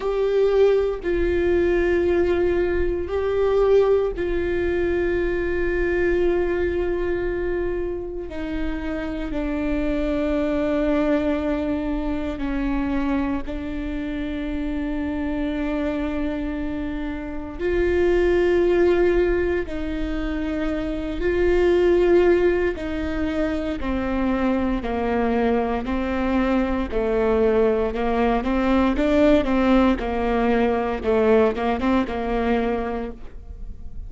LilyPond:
\new Staff \with { instrumentName = "viola" } { \time 4/4 \tempo 4 = 58 g'4 f'2 g'4 | f'1 | dis'4 d'2. | cis'4 d'2.~ |
d'4 f'2 dis'4~ | dis'8 f'4. dis'4 c'4 | ais4 c'4 a4 ais8 c'8 | d'8 c'8 ais4 a8 ais16 c'16 ais4 | }